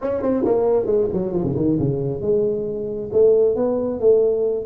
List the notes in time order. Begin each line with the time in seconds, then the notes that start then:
0.01 C#4
0.22 C4
0.44 A#3
0.85 G#3
1.13 F#3
1.32 F3
1.43 C#3
1.56 D#3
1.79 C#3
2.21 G#3
3.12 A3
3.55 B3
4.00 A3